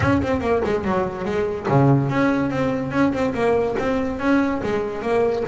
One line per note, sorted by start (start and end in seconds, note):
0.00 0.21 C#4
0.22 0.41 C4
0.41 0.62 A#3
0.65 0.84 G#3
0.84 1.24 F#3
1.24 1.66 G#3
1.68 2.09 C#3
2.09 2.50 C#4
2.50 2.91 C4
2.91 3.12 C#4
3.12 3.33 C4
3.34 3.76 A#3
3.79 4.19 C4
4.19 4.61 C#4
4.63 5.01 G#3
5.01 5.43 A#3